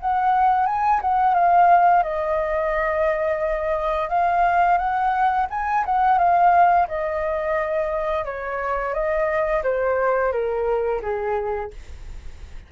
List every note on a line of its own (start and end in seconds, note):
0.00 0.66 F#5
0.66 1.01 G#5
1.01 1.34 F#5
1.34 2.03 F5
2.03 4.09 D#5
4.09 4.78 F5
4.78 5.47 F#5
5.50 5.85 G#5
5.85 6.18 F#5
6.18 6.87 F5
6.88 8.25 D#5
8.25 8.94 C#5
8.94 9.63 D#5
9.63 10.32 C5
10.32 11.01 A#4
11.02 11.71 G#4